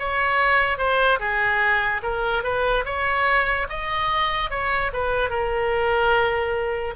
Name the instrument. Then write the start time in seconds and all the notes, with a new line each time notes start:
oboe
0.00 C#5
0.78 C5
1.20 G#4
2.03 A#4
2.44 B4
2.85 C#5
3.70 D#5
4.51 C#5
4.94 B4
5.30 A#4